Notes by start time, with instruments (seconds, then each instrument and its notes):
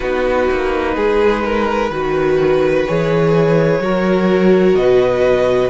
0.00 cello B3, viola D#4, violin F#4 B4
0.50 cello A#3
0.96 cello G#3, violin G#4
1.44 violin A#4
1.90 cello D#3, viola F#4, violin B4
2.87 cello E3, viola G#4, violin C#5
3.79 cello F#3, viola F#4, violin A#4
4.74 cello B2, violin B4 D#5